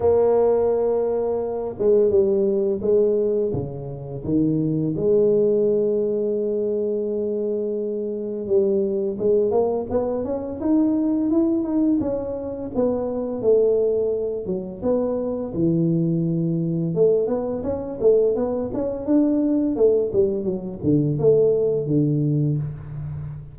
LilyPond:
\new Staff \with { instrumentName = "tuba" } { \time 4/4 \tempo 4 = 85 ais2~ ais8 gis8 g4 | gis4 cis4 dis4 gis4~ | gis1 | g4 gis8 ais8 b8 cis'8 dis'4 |
e'8 dis'8 cis'4 b4 a4~ | a8 fis8 b4 e2 | a8 b8 cis'8 a8 b8 cis'8 d'4 | a8 g8 fis8 d8 a4 d4 | }